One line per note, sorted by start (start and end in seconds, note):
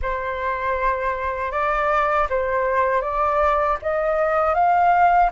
0.02 1.51 C5
1.51 2.27 D5
2.29 3.01 C5
3.01 3.77 D5
3.81 4.54 D#5
4.54 5.30 F5